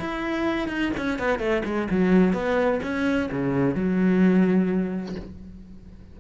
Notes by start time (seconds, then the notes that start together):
0.00 E4
0.68 D#4
0.98 C#4
1.20 B3
1.40 A3
1.65 G#3
1.91 F#3
2.34 B3
2.83 C#4
3.32 C#3
3.75 F#3